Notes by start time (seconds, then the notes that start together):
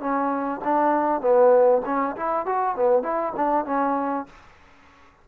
0.00 C#4
0.64 D4
1.21 B3
1.85 C#4
2.16 E4
2.46 F#4
2.76 B3
3.02 E4
3.36 D4
3.65 C#4